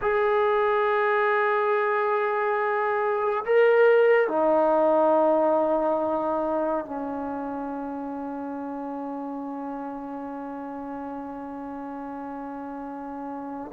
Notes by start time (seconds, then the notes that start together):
0.01 G#4
3.44 A#4
4.27 D#4
6.85 C#4